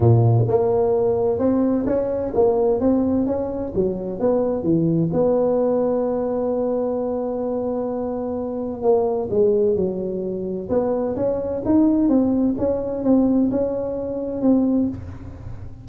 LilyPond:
\new Staff \with { instrumentName = "tuba" } { \time 4/4 \tempo 4 = 129 ais,4 ais2 c'4 | cis'4 ais4 c'4 cis'4 | fis4 b4 e4 b4~ | b1~ |
b2. ais4 | gis4 fis2 b4 | cis'4 dis'4 c'4 cis'4 | c'4 cis'2 c'4 | }